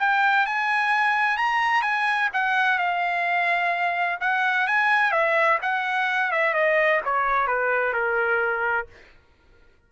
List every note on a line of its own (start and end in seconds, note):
0.00 0.46 G5
0.46 1.38 G#5
1.38 1.82 A#5
1.82 2.29 G#5
2.33 2.79 F#5
2.79 4.20 F5
4.21 4.68 F#5
4.68 5.12 G#5
5.12 5.59 E5
5.62 6.32 F#5
6.32 6.54 E5
6.54 7.01 D#5
7.05 7.48 C#5
7.48 7.93 B4
7.93 8.87 A#4